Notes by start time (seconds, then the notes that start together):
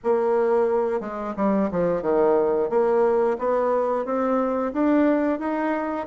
0.03 A#3
1.00 G#3
1.36 G3
1.71 F3
2.02 D#3
2.69 A#3
3.38 B3
4.04 C4
4.73 D4
5.39 D#4